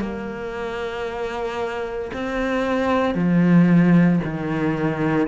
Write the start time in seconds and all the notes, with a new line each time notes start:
0.00 A#3
2.13 C4
3.14 F3
4.24 D#3